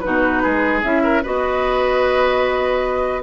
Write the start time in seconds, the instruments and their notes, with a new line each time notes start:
0.00 bassoon B2, clarinet D#4, oboe F#4, flute B4
0.43 bassoon G#3, oboe G#4
0.83 bassoon C#4, clarinet E4, flute E5
1.03 oboe A#4
1.22 bassoon B3, clarinet F#4, oboe B4, flute D#5